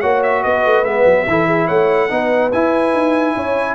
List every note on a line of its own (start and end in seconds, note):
0.00 0.44 A#3
0.00 0.85 F#4
0.00 0.42 C#5
0.00 0.21 F#5
0.22 0.43 E5
0.43 0.65 B3
0.43 1.26 B4
0.43 0.84 D#5
0.65 0.83 A3
0.83 1.04 G#3
0.83 1.27 B3
0.83 1.67 E5
1.04 1.25 F#3
1.27 1.68 E3
1.27 2.09 E4
1.27 1.46 A4
1.46 1.66 G#4
1.66 2.11 A3
1.66 2.07 C#5
1.66 2.50 F#5
2.09 2.52 B3
2.09 2.51 D#4
2.09 3.35 B4
2.51 2.93 E4
2.51 3.74 E4
2.51 3.74 G#5
2.93 3.34 D#4
3.35 3.74 C#4
3.35 3.74 C#5